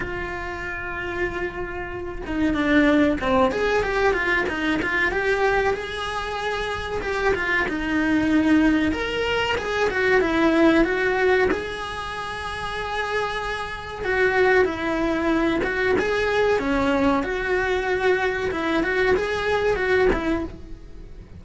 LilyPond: \new Staff \with { instrumentName = "cello" } { \time 4/4 \tempo 4 = 94 f'2.~ f'8 dis'8 | d'4 c'8 gis'8 g'8 f'8 dis'8 f'8 | g'4 gis'2 g'8 f'8 | dis'2 ais'4 gis'8 fis'8 |
e'4 fis'4 gis'2~ | gis'2 fis'4 e'4~ | e'8 fis'8 gis'4 cis'4 fis'4~ | fis'4 e'8 fis'8 gis'4 fis'8 e'8 | }